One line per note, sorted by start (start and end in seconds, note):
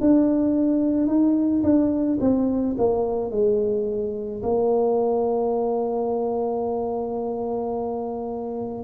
0.00 1.07 D4
1.07 1.62 D#4
1.63 2.19 D4
2.20 2.76 C4
2.78 3.31 A#3
3.31 4.42 G#3
4.43 8.83 A#3